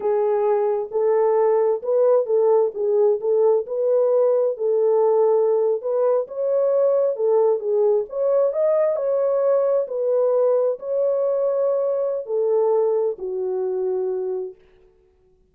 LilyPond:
\new Staff \with { instrumentName = "horn" } { \time 4/4 \tempo 4 = 132 gis'2 a'2 | b'4 a'4 gis'4 a'4 | b'2 a'2~ | a'8. b'4 cis''2 a'16~ |
a'8. gis'4 cis''4 dis''4 cis''16~ | cis''4.~ cis''16 b'2 cis''16~ | cis''2. a'4~ | a'4 fis'2. | }